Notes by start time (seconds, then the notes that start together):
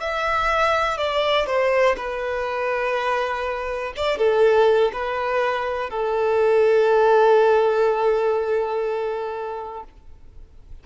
0.00 E5
0.97 D5
1.46 C5
1.96 B4
3.96 D5
4.18 A4
4.92 B4
5.90 A4